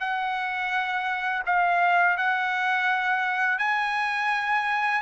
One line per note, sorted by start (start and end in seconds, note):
0.00 1.43 F#5
1.46 2.17 F5
2.17 3.58 F#5
3.58 5.01 G#5